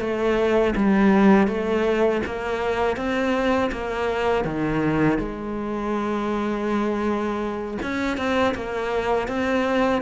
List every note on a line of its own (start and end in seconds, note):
0.00 0.74 A3
0.76 1.47 G3
1.47 2.21 A3
2.26 2.96 A#3
2.96 3.70 C4
3.72 4.44 A#3
4.44 5.18 D#3
5.18 7.78 G#3
7.82 8.17 C#4
8.17 8.54 C4
8.54 9.28 A#3
9.28 10.02 C4